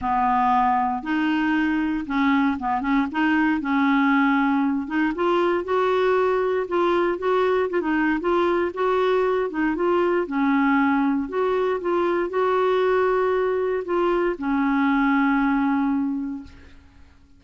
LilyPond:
\new Staff \with { instrumentName = "clarinet" } { \time 4/4 \tempo 4 = 117 b2 dis'2 | cis'4 b8 cis'8 dis'4 cis'4~ | cis'4. dis'8 f'4 fis'4~ | fis'4 f'4 fis'4 f'16 dis'8. |
f'4 fis'4. dis'8 f'4 | cis'2 fis'4 f'4 | fis'2. f'4 | cis'1 | }